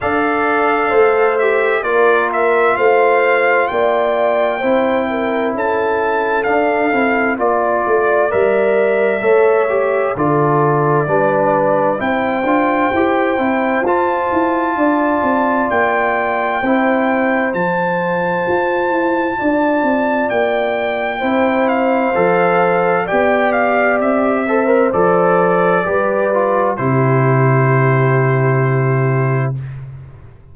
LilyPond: <<
  \new Staff \with { instrumentName = "trumpet" } { \time 4/4 \tempo 4 = 65 f''4. e''8 d''8 e''8 f''4 | g''2 a''4 f''4 | d''4 e''2 d''4~ | d''4 g''2 a''4~ |
a''4 g''2 a''4~ | a''2 g''4. f''8~ | f''4 g''8 f''8 e''4 d''4~ | d''4 c''2. | }
  \new Staff \with { instrumentName = "horn" } { \time 4/4 d''4 c''4 ais'4 c''4 | d''4 c''8 ais'8 a'2 | d''2 cis''4 a'4 | b'4 c''2. |
d''2 c''2~ | c''4 d''2 c''4~ | c''4 d''4. c''4. | b'4 g'2. | }
  \new Staff \with { instrumentName = "trombone" } { \time 4/4 a'4. g'8 f'2~ | f'4 e'2 d'8 e'8 | f'4 ais'4 a'8 g'8 f'4 | d'4 e'8 f'8 g'8 e'8 f'4~ |
f'2 e'4 f'4~ | f'2. e'4 | a'4 g'4. a'16 ais'16 a'4 | g'8 f'8 e'2. | }
  \new Staff \with { instrumentName = "tuba" } { \time 4/4 d'4 a4 ais4 a4 | ais4 c'4 cis'4 d'8 c'8 | ais8 a8 g4 a4 d4 | g4 c'8 d'8 e'8 c'8 f'8 e'8 |
d'8 c'8 ais4 c'4 f4 | f'8 e'8 d'8 c'8 ais4 c'4 | f4 b4 c'4 f4 | g4 c2. | }
>>